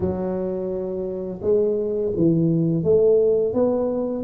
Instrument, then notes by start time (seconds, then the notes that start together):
tuba
0.00 F#3
1.41 G#3
2.16 E3
2.83 A3
3.53 B3